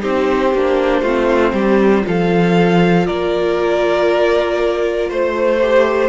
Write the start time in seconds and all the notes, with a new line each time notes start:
0.00 C4 D#4 G4 C5
0.54 A#3 D4
1.02 A3 C4 F4
1.53 G3 G4
2.02 F4 A4 F5
2.08 F3
3.07 A#3 A#4 D5
5.10 A3 C5
5.61 G4